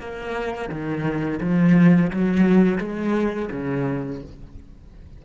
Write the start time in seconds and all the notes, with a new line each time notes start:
0.00 A#3
0.69 D#3
1.41 F3
2.11 F#3
2.79 G#3
3.52 C#3